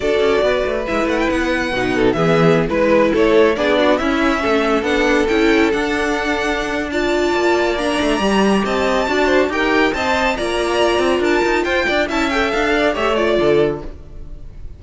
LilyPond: <<
  \new Staff \with { instrumentName = "violin" } { \time 4/4 \tempo 4 = 139 d''2 e''8 fis''16 g''16 fis''4~ | fis''4 e''4~ e''16 b'4 cis''8.~ | cis''16 d''4 e''2 fis''8.~ | fis''16 g''4 fis''2~ fis''8. |
a''2 ais''2 | a''2 g''4 a''4 | ais''2 a''4 g''4 | a''8 g''8 f''4 e''8 d''4. | }
  \new Staff \with { instrumentName = "violin" } { \time 4/4 a'4 b'2.~ | b'8 a'8 gis'4~ gis'16 b'4 a'8.~ | a'16 gis'8 fis'8 e'4 a'4.~ a'16~ | a'1 |
d''1 | dis''4 d''8 c''8 ais'4 dis''4 | d''2 ais'4 c''8 d''8 | e''4. d''8 cis''4 a'4 | }
  \new Staff \with { instrumentName = "viola" } { \time 4/4 fis'2 e'2 | dis'4 b4~ b16 e'4.~ e'16~ | e'16 d'4 cis'2 d'8.~ | d'16 e'4 d'2~ d'8. |
f'2 d'4 g'4~ | g'4 fis'4 g'4 c''4 | f'1 | e'8 a'4. g'8 f'4. | }
  \new Staff \with { instrumentName = "cello" } { \time 4/4 d'8 cis'8 b8 a8 gis8 a8 b4 | b,4 e4~ e16 gis4 a8.~ | a16 b4 cis'4 a4 b8.~ | b16 cis'4 d'2~ d'8.~ |
d'4 ais4. a8 g4 | c'4 d'4 dis'4 c'4 | ais4. c'8 d'8 dis'8 f'8 d'8 | cis'4 d'4 a4 d4 | }
>>